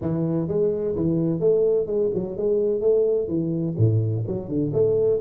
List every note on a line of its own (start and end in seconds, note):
0.01 0.47 E3
0.47 0.95 G#3
0.95 1.40 E3
1.40 1.86 A3
1.86 2.10 G#3
2.14 2.36 F#3
2.36 2.80 G#3
2.80 3.27 A3
3.27 3.75 E3
3.77 4.25 A2
4.27 4.48 F#3
4.48 4.71 D3
4.73 5.20 A3